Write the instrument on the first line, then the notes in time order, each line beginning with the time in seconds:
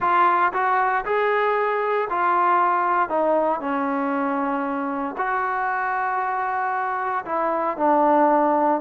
trombone
0.00 F4
0.52 F#4
1.05 G#4
2.10 F4
3.09 D#4
3.60 C#4
5.17 F#4
7.25 E4
7.77 D4